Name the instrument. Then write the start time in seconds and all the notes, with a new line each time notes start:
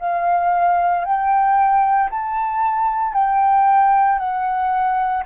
flute
0.00 F5
1.05 G5
2.11 A5
3.14 G5
4.19 F#5